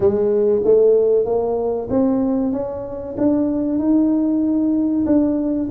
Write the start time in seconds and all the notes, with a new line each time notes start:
0.00 G#3
0.64 A3
1.25 A#3
1.90 C4
2.52 C#4
3.18 D4
3.78 D#4
5.06 D4